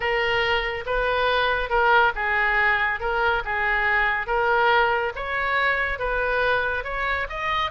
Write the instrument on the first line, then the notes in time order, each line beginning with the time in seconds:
oboe
0.00 A#4
0.86 B4
1.69 A#4
2.15 G#4
3.00 A#4
3.44 G#4
4.26 A#4
5.15 C#5
5.98 B4
6.84 C#5
7.29 D#5